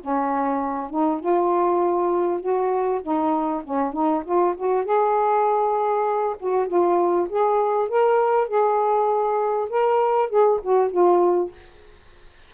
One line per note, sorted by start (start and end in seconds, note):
0.00 0.90 C#4
0.90 1.20 D#4
1.20 2.40 F4
2.40 3.01 F#4
3.02 3.62 D#4
3.64 3.93 C#4
3.93 4.23 D#4
4.24 4.55 F4
4.57 4.84 F#4
4.84 6.36 G#4
6.39 6.67 F#4
6.67 7.28 F4
7.29 7.88 G#4
7.88 8.48 A#4
8.48 9.69 G#4
9.69 10.29 A#4
10.29 10.60 G#4
10.62 10.91 F#4
10.91 11.52 F4